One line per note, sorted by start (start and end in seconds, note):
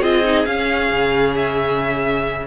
0.00 0.46 C4
0.00 0.24 F4
0.00 2.46 G#4
0.00 0.45 D#5
0.24 0.46 D#4
0.45 2.47 C#4
0.45 0.91 C#4
0.45 1.35 F5
0.92 2.47 C#3
1.36 2.47 E5